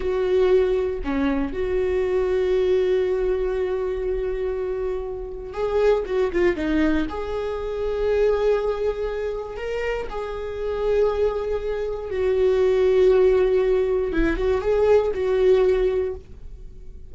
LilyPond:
\new Staff \with { instrumentName = "viola" } { \time 4/4 \tempo 4 = 119 fis'2 cis'4 fis'4~ | fis'1~ | fis'2. gis'4 | fis'8 f'8 dis'4 gis'2~ |
gis'2. ais'4 | gis'1 | fis'1 | e'8 fis'8 gis'4 fis'2 | }